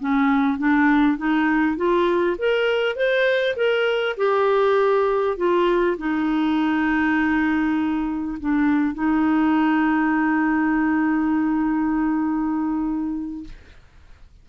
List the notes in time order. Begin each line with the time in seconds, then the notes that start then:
0.00 C#4
0.58 D4
1.17 D#4
1.76 F4
2.38 A#4
2.96 C5
3.56 A#4
4.17 G4
5.37 F4
5.98 D#4
8.40 D4
8.94 D#4